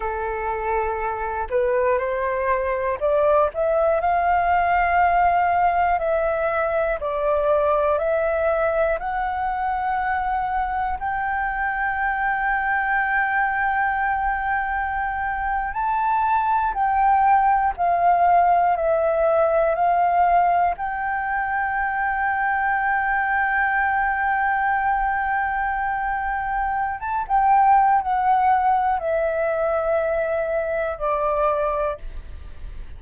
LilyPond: \new Staff \with { instrumentName = "flute" } { \time 4/4 \tempo 4 = 60 a'4. b'8 c''4 d''8 e''8 | f''2 e''4 d''4 | e''4 fis''2 g''4~ | g''2.~ g''8. a''16~ |
a''8. g''4 f''4 e''4 f''16~ | f''8. g''2.~ g''16~ | g''2. a''16 g''8. | fis''4 e''2 d''4 | }